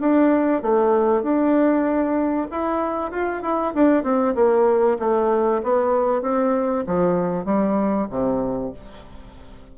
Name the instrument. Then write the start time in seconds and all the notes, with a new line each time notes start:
bassoon
0.00 D4
0.62 A3
1.22 D4
2.51 E4
3.11 F4
3.42 E4
3.74 D4
4.03 C4
4.35 A#3
4.99 A3
5.62 B3
6.22 C4
6.86 F3
7.45 G3
8.10 C3